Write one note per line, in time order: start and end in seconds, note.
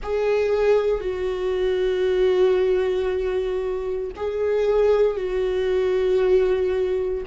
0.03 1.00 G#4
1.00 4.11 F#4
4.16 5.16 G#4
5.16 7.23 F#4